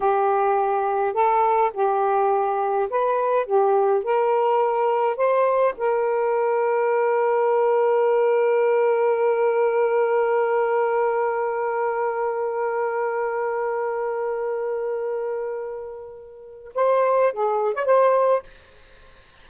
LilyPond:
\new Staff \with { instrumentName = "saxophone" } { \time 4/4 \tempo 4 = 104 g'2 a'4 g'4~ | g'4 b'4 g'4 ais'4~ | ais'4 c''4 ais'2~ | ais'1~ |
ais'1~ | ais'1~ | ais'1~ | ais'4 c''4 gis'8. cis''16 c''4 | }